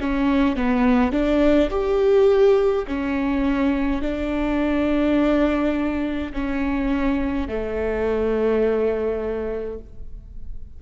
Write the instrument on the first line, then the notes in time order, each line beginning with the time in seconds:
viola
0.00 C#4
0.56 B3
1.12 D4
1.70 G4
2.87 C#4
4.02 D4
6.33 C#4
7.48 A3